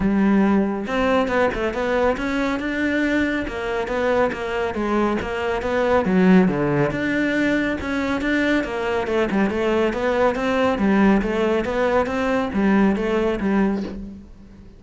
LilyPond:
\new Staff \with { instrumentName = "cello" } { \time 4/4 \tempo 4 = 139 g2 c'4 b8 a8 | b4 cis'4 d'2 | ais4 b4 ais4 gis4 | ais4 b4 fis4 d4 |
d'2 cis'4 d'4 | ais4 a8 g8 a4 b4 | c'4 g4 a4 b4 | c'4 g4 a4 g4 | }